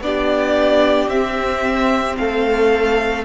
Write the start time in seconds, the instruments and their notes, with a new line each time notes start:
0.00 cello B3, viola D4, violin G4 D5
1.08 cello C4, viola C4, violin E5
2.17 cello A3, violin A4 F5